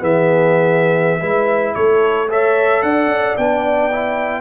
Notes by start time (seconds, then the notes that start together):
0.00 E3 B3 G#4 E5
1.20 G#3 E4 B4
1.75 A3 A4 C#5
2.30 A4 C#5 E5
2.83 D4 D5 F#5
3.07 C#4
3.38 B3 D4 G5
3.92 E4